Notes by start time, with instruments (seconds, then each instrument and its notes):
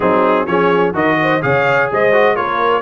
0.00 tuba F#3, trombone C4, horn D#4, trumpet G#4
0.46 tuba F3, trombone C#4, horn G#4, trumpet C#5
0.93 tuba D#3, trombone F#4, horn A#4, trumpet D#5
1.22 horn C5
1.41 tuba C#3, trombone G#4, horn C#5, trumpet F5
1.91 tuba G#3, horn C5, trumpet D#5
2.12 trombone F#4
2.35 tuba A#3, trombone F4, horn A#4, trumpet C#5